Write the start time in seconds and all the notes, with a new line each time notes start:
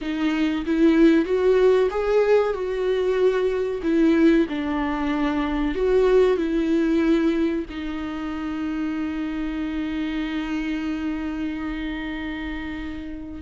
0.01 D#4
0.66 E4
1.25 F#4
1.90 G#4
2.53 F#4
3.82 E4
4.49 D4
5.74 F#4
6.37 E4
7.69 D#4